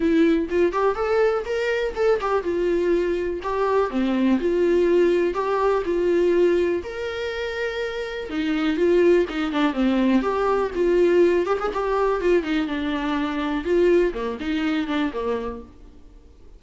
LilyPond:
\new Staff \with { instrumentName = "viola" } { \time 4/4 \tempo 4 = 123 e'4 f'8 g'8 a'4 ais'4 | a'8 g'8 f'2 g'4 | c'4 f'2 g'4 | f'2 ais'2~ |
ais'4 dis'4 f'4 dis'8 d'8 | c'4 g'4 f'4. g'16 gis'16 | g'4 f'8 dis'8 d'2 | f'4 ais8 dis'4 d'8 ais4 | }